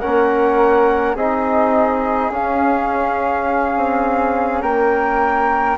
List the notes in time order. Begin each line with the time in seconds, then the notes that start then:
0.00 A#3 C#4 A#4 F#5
1.15 C4 D#4 G#4 D#5
2.30 C#4 F5
3.76 C4
4.62 A#3 A#4 G5